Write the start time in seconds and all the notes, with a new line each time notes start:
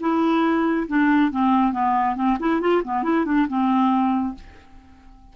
0.00 E4
0.88 D4
1.31 C4
1.72 B3
2.16 C4
2.39 E4
2.61 F4
2.84 B3
3.03 E4
3.25 D4
3.48 C4